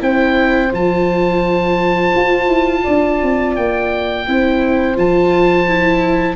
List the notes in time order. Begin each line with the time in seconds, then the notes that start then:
0.00 C4 E4 C5 G5
0.73 F3 F4 A5
2.16 F4
2.48 E4
2.84 D4 D5
3.22 C4
3.56 A#3 G5
4.27 C4 E4 C5
4.96 F3 F4 A5
5.68 E4